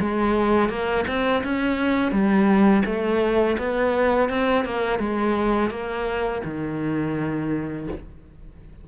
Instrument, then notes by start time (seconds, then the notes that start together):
cello
0.00 G#3
0.69 A#3
1.08 C4
1.44 C#4
2.12 G3
2.86 A3
3.59 B3
4.30 C4
4.66 A#3
4.99 G#3
5.71 A#3
6.45 D#3